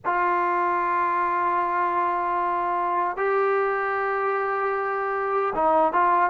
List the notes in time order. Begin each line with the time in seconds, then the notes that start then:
0.05 F4
3.16 G4
5.54 D#4
5.92 F4